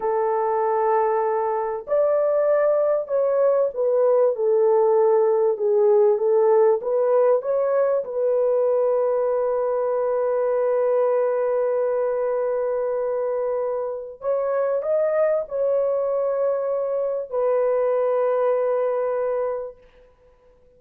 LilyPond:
\new Staff \with { instrumentName = "horn" } { \time 4/4 \tempo 4 = 97 a'2. d''4~ | d''4 cis''4 b'4 a'4~ | a'4 gis'4 a'4 b'4 | cis''4 b'2.~ |
b'1~ | b'2. cis''4 | dis''4 cis''2. | b'1 | }